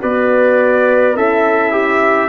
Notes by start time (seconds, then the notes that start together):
0.00 B3 F#4 B4 D5
1.15 C#4 E4 A4 E5
1.72 G4